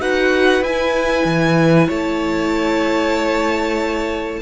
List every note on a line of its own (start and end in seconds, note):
0.00 0.61 D#4
0.00 0.63 F#4
0.00 1.87 B4
0.00 0.64 F#5
0.61 1.25 E4
0.61 4.42 E4
0.61 1.90 G#5
1.25 1.88 E3
1.87 4.42 A3
1.87 4.40 C#5
1.87 4.42 A5